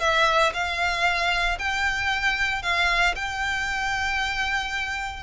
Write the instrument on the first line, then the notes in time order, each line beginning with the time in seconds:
violin
0.00 E5
0.54 F5
1.59 G5
2.63 F5
3.15 G5